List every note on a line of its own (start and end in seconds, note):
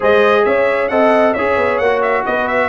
0.00 0.45 G#3
0.00 0.90 G#4
0.00 0.45 C5
0.00 0.45 D#5
0.45 0.90 C#4
0.45 0.90 C#5
0.45 0.88 E5
0.88 1.35 C4
0.88 1.35 A4
0.88 1.33 D#5
0.88 1.33 F#5
1.33 1.56 C#4
1.33 1.83 G#4
1.33 2.23 C#5
1.33 1.78 E5
1.56 1.79 B3
1.78 2.24 A#3
1.78 2.69 F#4
1.78 2.00 F#5
2.02 2.24 E5
2.25 2.69 B3
2.25 2.69 B4
2.25 2.47 D#5
2.47 2.69 E5